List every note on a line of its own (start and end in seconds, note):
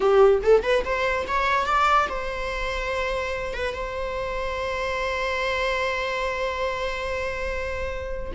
0.00 0.41 G4
0.42 0.62 A4
0.62 0.83 B4
0.84 1.26 C5
1.27 1.66 C#5
1.66 2.07 D5
2.09 3.53 C5
3.53 3.74 B4
3.74 8.32 C5